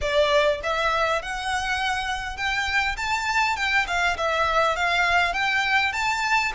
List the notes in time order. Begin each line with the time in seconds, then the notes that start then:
0.01 D5
0.63 E5
1.22 F#5
2.36 G5
2.96 A5
3.56 G5
3.87 F5
4.17 E5
4.76 F5
5.33 G5
5.92 A5